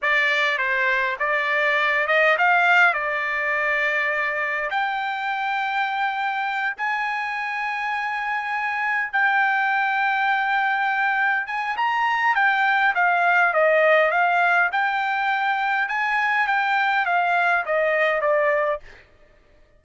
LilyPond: \new Staff \with { instrumentName = "trumpet" } { \time 4/4 \tempo 4 = 102 d''4 c''4 d''4. dis''8 | f''4 d''2. | g''2.~ g''8 gis''8~ | gis''2.~ gis''8 g''8~ |
g''2.~ g''8 gis''8 | ais''4 g''4 f''4 dis''4 | f''4 g''2 gis''4 | g''4 f''4 dis''4 d''4 | }